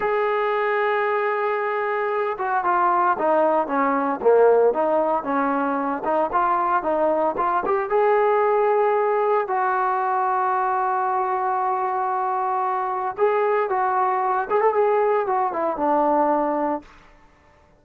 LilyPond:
\new Staff \with { instrumentName = "trombone" } { \time 4/4 \tempo 4 = 114 gis'1~ | gis'8 fis'8 f'4 dis'4 cis'4 | ais4 dis'4 cis'4. dis'8 | f'4 dis'4 f'8 g'8 gis'4~ |
gis'2 fis'2~ | fis'1~ | fis'4 gis'4 fis'4. gis'16 a'16 | gis'4 fis'8 e'8 d'2 | }